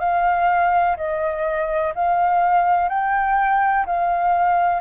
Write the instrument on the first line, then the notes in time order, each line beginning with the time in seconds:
flute
0.00 F5
0.97 D#5
1.95 F5
2.89 G5
3.87 F5